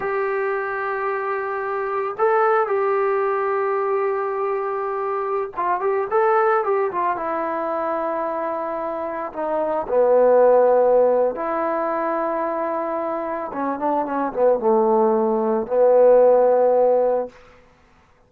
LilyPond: \new Staff \with { instrumentName = "trombone" } { \time 4/4 \tempo 4 = 111 g'1 | a'4 g'2.~ | g'2~ g'16 f'8 g'8 a'8.~ | a'16 g'8 f'8 e'2~ e'8.~ |
e'4~ e'16 dis'4 b4.~ b16~ | b4 e'2.~ | e'4 cis'8 d'8 cis'8 b8 a4~ | a4 b2. | }